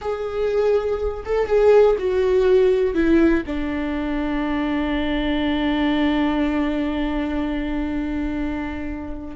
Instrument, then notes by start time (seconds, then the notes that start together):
viola
0.01 G#4
1.25 A4
1.46 G#4
1.98 F#4
2.94 E4
3.46 D4